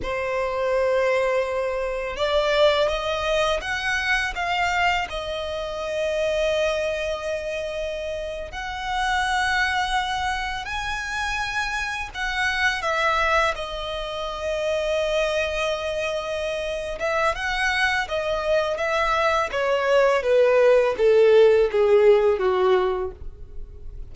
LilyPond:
\new Staff \with { instrumentName = "violin" } { \time 4/4 \tempo 4 = 83 c''2. d''4 | dis''4 fis''4 f''4 dis''4~ | dis''2.~ dis''8. fis''16~ | fis''2~ fis''8. gis''4~ gis''16~ |
gis''8. fis''4 e''4 dis''4~ dis''16~ | dis''2.~ dis''8 e''8 | fis''4 dis''4 e''4 cis''4 | b'4 a'4 gis'4 fis'4 | }